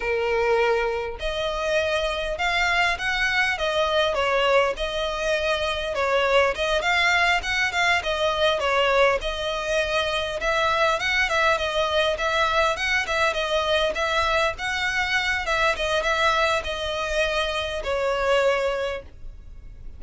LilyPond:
\new Staff \with { instrumentName = "violin" } { \time 4/4 \tempo 4 = 101 ais'2 dis''2 | f''4 fis''4 dis''4 cis''4 | dis''2 cis''4 dis''8 f''8~ | f''8 fis''8 f''8 dis''4 cis''4 dis''8~ |
dis''4. e''4 fis''8 e''8 dis''8~ | dis''8 e''4 fis''8 e''8 dis''4 e''8~ | e''8 fis''4. e''8 dis''8 e''4 | dis''2 cis''2 | }